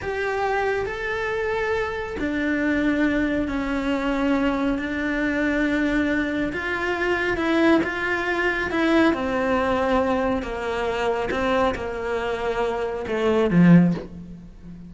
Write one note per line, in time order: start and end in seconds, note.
0.02 0.86 G4
0.86 2.16 A4
2.19 3.48 D4
3.48 4.78 C#4
4.78 6.52 D4
6.52 7.37 F4
7.37 7.80 E4
7.83 8.70 F4
8.70 9.13 E4
9.13 10.42 C4
10.42 11.29 A#3
11.30 11.74 C4
11.75 13.05 A#3
13.07 13.50 A3
13.50 13.93 F3